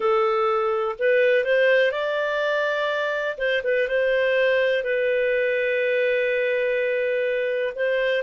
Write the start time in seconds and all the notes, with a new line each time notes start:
0.00 A4
0.99 B4
1.44 C5
1.91 D5
3.37 C5
3.63 B4
3.88 C5
4.83 B4
7.75 C5